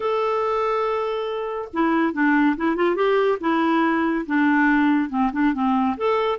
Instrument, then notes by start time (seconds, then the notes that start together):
clarinet
0.00 A4
1.73 E4
2.13 D4
2.56 E4
2.75 F4
2.95 G4
3.40 E4
4.26 D4
5.09 C4
5.32 D4
5.53 C4
5.97 A4